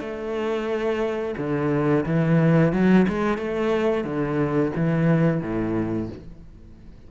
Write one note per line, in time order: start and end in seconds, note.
0.00 1.35 A3
1.37 2.05 D3
2.06 2.72 E3
2.72 3.06 F#3
3.08 3.37 G#3
3.37 4.04 A3
4.04 4.72 D3
4.76 5.41 E3
5.41 6.09 A2